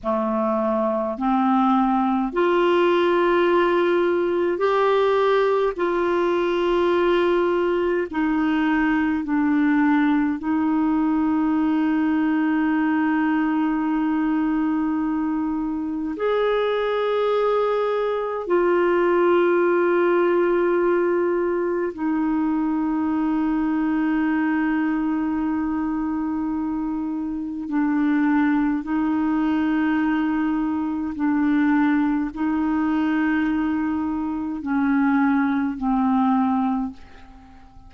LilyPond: \new Staff \with { instrumentName = "clarinet" } { \time 4/4 \tempo 4 = 52 a4 c'4 f'2 | g'4 f'2 dis'4 | d'4 dis'2.~ | dis'2 gis'2 |
f'2. dis'4~ | dis'1 | d'4 dis'2 d'4 | dis'2 cis'4 c'4 | }